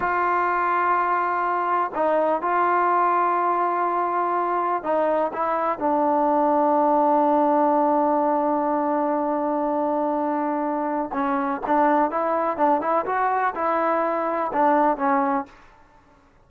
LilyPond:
\new Staff \with { instrumentName = "trombone" } { \time 4/4 \tempo 4 = 124 f'1 | dis'4 f'2.~ | f'2 dis'4 e'4 | d'1~ |
d'1~ | d'2. cis'4 | d'4 e'4 d'8 e'8 fis'4 | e'2 d'4 cis'4 | }